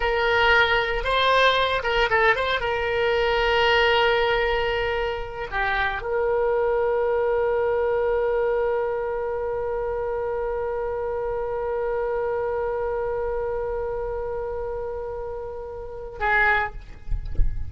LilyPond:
\new Staff \with { instrumentName = "oboe" } { \time 4/4 \tempo 4 = 115 ais'2 c''4. ais'8 | a'8 c''8 ais'2.~ | ais'2~ ais'8 g'4 ais'8~ | ais'1~ |
ais'1~ | ais'1~ | ais'1~ | ais'2. gis'4 | }